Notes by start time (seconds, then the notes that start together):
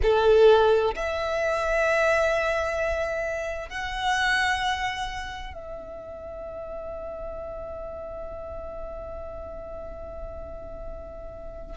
0.02 A4
0.95 E5
3.69 F#5
5.53 E5